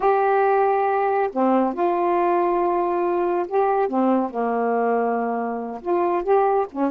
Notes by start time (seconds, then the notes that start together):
0.00 G4
1.32 C4
1.73 F4
3.48 G4
3.88 C4
4.30 A#3
5.81 F4
6.23 G4
6.71 C#4